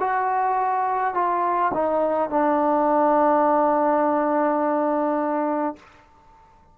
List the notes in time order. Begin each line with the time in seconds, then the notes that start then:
0.00 F#4
1.14 F4
1.74 D#4
2.30 D4